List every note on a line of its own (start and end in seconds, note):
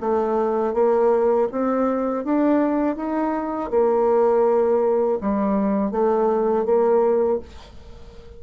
0.00 0.74 A3
0.74 1.48 A#3
1.52 2.25 C4
2.25 2.96 D4
2.96 3.70 D#4
3.70 5.19 A#3
5.21 5.91 G3
5.91 6.65 A3
6.65 7.39 A#3